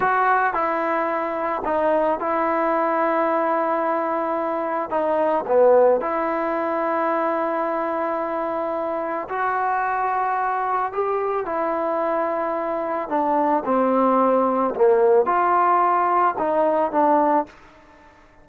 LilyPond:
\new Staff \with { instrumentName = "trombone" } { \time 4/4 \tempo 4 = 110 fis'4 e'2 dis'4 | e'1~ | e'4 dis'4 b4 e'4~ | e'1~ |
e'4 fis'2. | g'4 e'2. | d'4 c'2 ais4 | f'2 dis'4 d'4 | }